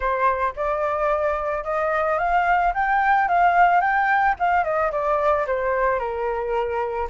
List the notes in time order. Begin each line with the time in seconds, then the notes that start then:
0.00 C5
0.56 D5
1.64 D#5
2.18 F5
2.74 G5
3.28 F5
3.81 G5
4.39 F5
4.64 D#5
4.91 D5
5.47 C5
5.99 A#4